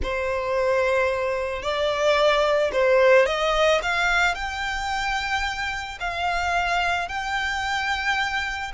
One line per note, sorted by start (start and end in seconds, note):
0.02 1.62 C5
1.62 2.71 D5
2.72 3.26 C5
3.26 3.80 D#5
3.82 4.34 F5
4.34 5.98 G5
6.00 7.08 F5
7.08 8.71 G5